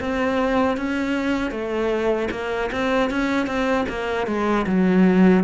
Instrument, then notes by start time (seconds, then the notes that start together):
cello
0.00 C4
0.77 C#4
1.51 A3
2.32 A#3
2.72 C4
3.11 C#4
3.47 C4
3.89 A#3
4.27 G#3
4.67 F#3